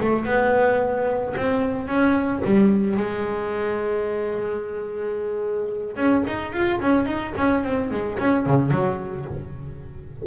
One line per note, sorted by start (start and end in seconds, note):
0.00 0.25 A3
0.25 1.34 B3
1.37 1.87 C4
1.87 2.42 C#4
2.44 2.97 G3
2.97 5.96 G#3
5.96 6.24 C#4
6.27 6.53 D#4
6.53 6.80 F4
6.81 7.06 C#4
7.06 7.33 D#4
7.37 7.64 C#4
7.64 7.91 C4
7.91 8.18 G#3
8.19 8.46 C#4
8.46 8.71 C#3
8.71 9.25 F#3